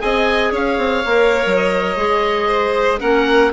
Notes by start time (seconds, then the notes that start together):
0.00 C4 G#4 D#5 G#5
0.52 C#4 C#5 F5
0.78 C4
1.05 A#3 A#4
1.46 F#3
1.57 D#5
1.97 G#3 G#4
2.47 C5
3.00 A#3 C#4 A#4 F#5